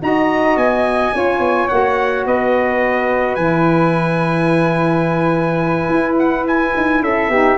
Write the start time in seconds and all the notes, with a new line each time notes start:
0.00 D#4 F#4 D#5 A#5
0.56 B3 G#5
1.12 C#4 F4 C#5
1.39 B3
1.68 A#3 F#4 F#5
2.26 B3 B4 D#5
3.35 E3 E4 G#5
5.89 E4
6.18 F#5
6.47 G#5
6.76 D#4
7.01 C#4 A4 E5
7.29 B3 D#4 G4